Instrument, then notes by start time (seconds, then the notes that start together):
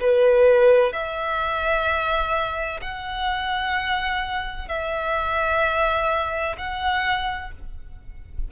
violin
0.00 B4
0.92 E5
2.81 F#5
4.68 E5
6.58 F#5